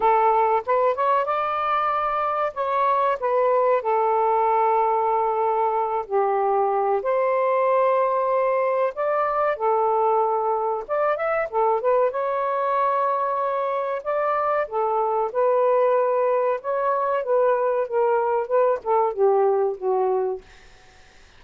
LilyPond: \new Staff \with { instrumentName = "saxophone" } { \time 4/4 \tempo 4 = 94 a'4 b'8 cis''8 d''2 | cis''4 b'4 a'2~ | a'4. g'4. c''4~ | c''2 d''4 a'4~ |
a'4 d''8 e''8 a'8 b'8 cis''4~ | cis''2 d''4 a'4 | b'2 cis''4 b'4 | ais'4 b'8 a'8 g'4 fis'4 | }